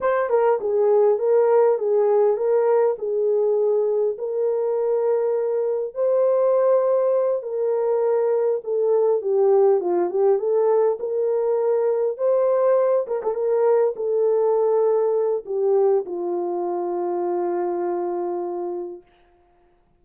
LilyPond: \new Staff \with { instrumentName = "horn" } { \time 4/4 \tempo 4 = 101 c''8 ais'8 gis'4 ais'4 gis'4 | ais'4 gis'2 ais'4~ | ais'2 c''2~ | c''8 ais'2 a'4 g'8~ |
g'8 f'8 g'8 a'4 ais'4.~ | ais'8 c''4. ais'16 a'16 ais'4 a'8~ | a'2 g'4 f'4~ | f'1 | }